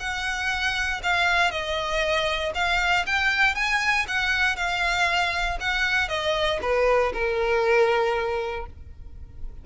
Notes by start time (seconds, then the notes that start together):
0.00 F#5
1.03 F5
1.51 D#5
2.55 F5
3.06 G5
3.55 G#5
4.08 F#5
4.56 F5
5.60 F#5
6.09 D#5
6.62 B4
7.14 A#4